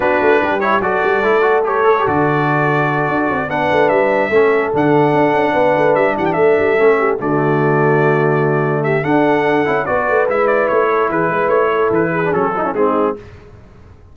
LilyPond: <<
  \new Staff \with { instrumentName = "trumpet" } { \time 4/4 \tempo 4 = 146 b'4. cis''8 d''2 | cis''4 d''2.~ | d''8 fis''4 e''2 fis''8~ | fis''2~ fis''8 e''8 fis''16 g''16 e''8~ |
e''4. d''2~ d''8~ | d''4. e''8 fis''2 | d''4 e''8 d''8 cis''4 b'4 | cis''4 b'4 a'4 gis'4 | }
  \new Staff \with { instrumentName = "horn" } { \time 4/4 fis'4 g'4 a'2~ | a'1~ | a'8 b'2 a'4.~ | a'4. b'4. g'8 a'8~ |
a'4 g'8 fis'2~ fis'8~ | fis'4. g'8 a'2 | b'2~ b'8 a'8 gis'8 b'8~ | b'8 a'4 gis'4 fis'16 e'16 dis'4 | }
  \new Staff \with { instrumentName = "trombone" } { \time 4/4 d'4. e'8 fis'4 e'8 fis'8 | g'8 a'16 g'16 fis'2.~ | fis'8 d'2 cis'4 d'8~ | d'1~ |
d'8 cis'4 a2~ a8~ | a2 d'4. e'8 | fis'4 e'2.~ | e'4.~ e'16 d'16 cis'8 dis'16 cis'16 c'4 | }
  \new Staff \with { instrumentName = "tuba" } { \time 4/4 b8 a8 g4 fis8 g8 a4~ | a4 d2~ d8 d'8 | c'8 b8 a8 g4 a4 d8~ | d8 d'8 cis'8 b8 a8 g8 e8 a8 |
g8 a4 d2~ d8~ | d2 d'4. cis'8 | b8 a8 gis4 a4 e8 gis8 | a4 e4 fis4 gis4 | }
>>